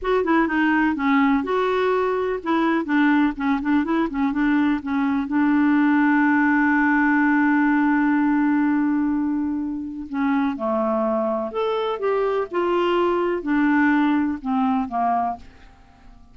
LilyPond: \new Staff \with { instrumentName = "clarinet" } { \time 4/4 \tempo 4 = 125 fis'8 e'8 dis'4 cis'4 fis'4~ | fis'4 e'4 d'4 cis'8 d'8 | e'8 cis'8 d'4 cis'4 d'4~ | d'1~ |
d'1~ | d'4 cis'4 a2 | a'4 g'4 f'2 | d'2 c'4 ais4 | }